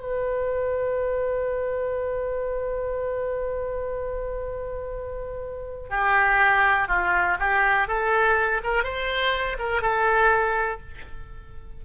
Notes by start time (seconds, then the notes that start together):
0.00 B4
5.90 G4
6.89 F4
7.39 G4
7.88 A4
8.64 A#4
8.84 C5
9.59 A#4
9.82 A4